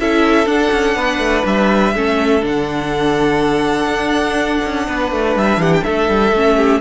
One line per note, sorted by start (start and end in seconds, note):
0.00 0.47 C#4
0.00 0.46 E4
0.00 0.97 A4
0.00 0.48 E5
0.46 1.93 D4
0.46 0.72 D4
0.46 1.45 F#5
0.72 0.96 C#4
0.96 1.19 B3
0.96 1.95 B4
1.19 1.44 A3
1.46 1.94 G3
1.46 2.45 E5
1.94 2.43 A3
1.94 2.42 C#4
1.94 4.88 A4
2.42 3.87 D3
2.42 6.32 D4
2.42 5.38 F#5
3.87 4.60 D4
4.65 4.88 C#4
4.88 5.12 B3
4.88 5.61 B4
5.12 5.36 A3
5.36 5.58 G3
5.36 5.62 E5
5.58 5.82 E3
5.58 5.85 G4
5.58 5.73 F#5
5.73 5.84 G5
5.84 6.09 A3
5.84 6.57 A4
5.84 6.81 E5
6.09 6.32 G3
6.32 6.81 A3
6.32 6.81 C#4
6.57 6.81 G4